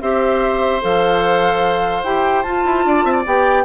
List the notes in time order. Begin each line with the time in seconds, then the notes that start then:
0.00 C4 G4 C5 E5
0.81 F3 A4 F5
2.03 E4 G4 G5
2.42 F4 A5
2.65 E4
2.85 D4 D5
3.04 C4 E5
3.12 D5
3.25 B3 G4 G5